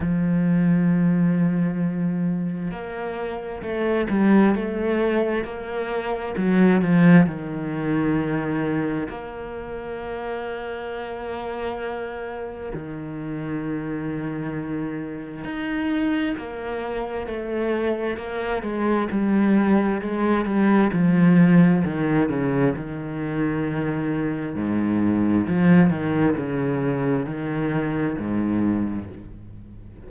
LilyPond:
\new Staff \with { instrumentName = "cello" } { \time 4/4 \tempo 4 = 66 f2. ais4 | a8 g8 a4 ais4 fis8 f8 | dis2 ais2~ | ais2 dis2~ |
dis4 dis'4 ais4 a4 | ais8 gis8 g4 gis8 g8 f4 | dis8 cis8 dis2 gis,4 | f8 dis8 cis4 dis4 gis,4 | }